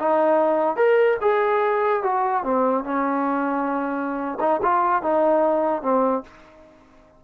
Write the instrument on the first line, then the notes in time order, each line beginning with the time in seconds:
trombone
0.00 D#4
0.77 A#4
1.21 G#4
2.03 F#4
2.44 C4
2.84 C#4
4.40 D#4
4.63 F4
5.02 D#4
5.83 C4